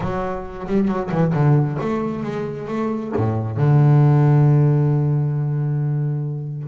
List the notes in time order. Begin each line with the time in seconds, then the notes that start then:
0.00 F#3
0.66 G3
0.87 F#3
1.11 E3
1.33 D3
1.80 A3
2.23 G#3
2.67 A3
3.16 A2
3.57 D3